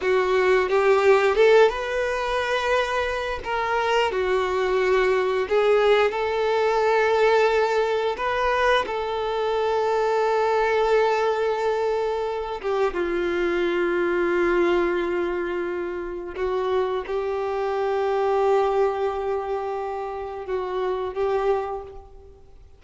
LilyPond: \new Staff \with { instrumentName = "violin" } { \time 4/4 \tempo 4 = 88 fis'4 g'4 a'8 b'4.~ | b'4 ais'4 fis'2 | gis'4 a'2. | b'4 a'2.~ |
a'2~ a'8 g'8 f'4~ | f'1 | fis'4 g'2.~ | g'2 fis'4 g'4 | }